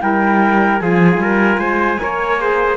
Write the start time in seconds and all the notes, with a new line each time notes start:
0.00 G3 E4 A#4 G5
0.78 F3 F4 G#4 G#5
1.18 G3 A#4
1.58 G#3 C5
1.99 A#3 A#4 C#5
2.39 G#4 C5